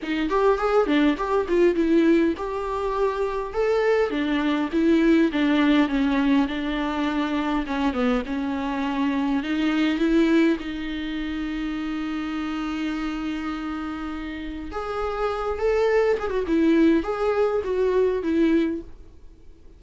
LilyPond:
\new Staff \with { instrumentName = "viola" } { \time 4/4 \tempo 4 = 102 dis'8 g'8 gis'8 d'8 g'8 f'8 e'4 | g'2 a'4 d'4 | e'4 d'4 cis'4 d'4~ | d'4 cis'8 b8 cis'2 |
dis'4 e'4 dis'2~ | dis'1~ | dis'4 gis'4. a'4 gis'16 fis'16 | e'4 gis'4 fis'4 e'4 | }